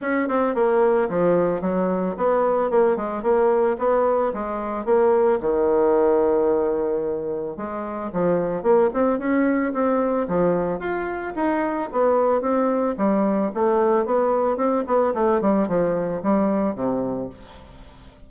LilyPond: \new Staff \with { instrumentName = "bassoon" } { \time 4/4 \tempo 4 = 111 cis'8 c'8 ais4 f4 fis4 | b4 ais8 gis8 ais4 b4 | gis4 ais4 dis2~ | dis2 gis4 f4 |
ais8 c'8 cis'4 c'4 f4 | f'4 dis'4 b4 c'4 | g4 a4 b4 c'8 b8 | a8 g8 f4 g4 c4 | }